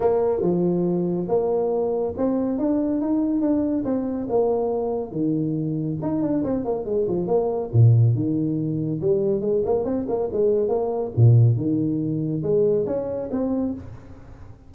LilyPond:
\new Staff \with { instrumentName = "tuba" } { \time 4/4 \tempo 4 = 140 ais4 f2 ais4~ | ais4 c'4 d'4 dis'4 | d'4 c'4 ais2 | dis2 dis'8 d'8 c'8 ais8 |
gis8 f8 ais4 ais,4 dis4~ | dis4 g4 gis8 ais8 c'8 ais8 | gis4 ais4 ais,4 dis4~ | dis4 gis4 cis'4 c'4 | }